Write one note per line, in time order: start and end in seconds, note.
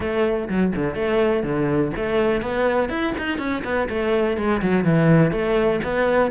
0.00 0.48 A3
0.48 0.73 F#3
0.75 0.94 D3
0.94 1.43 A3
1.43 1.91 D3
1.96 2.41 A3
2.41 2.89 B3
2.89 3.13 E4
3.18 3.38 D#4
3.38 3.62 C#4
3.64 3.88 B3
3.89 4.37 A3
4.37 4.61 G#3
4.61 4.84 F#3
4.84 5.31 E3
5.31 5.80 A3
5.83 6.31 B3